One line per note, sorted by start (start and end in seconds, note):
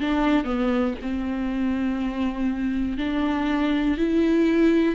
0.00 0.45 D4
0.45 0.95 B3
1.02 2.98 C4
2.98 3.98 D4
3.98 4.95 E4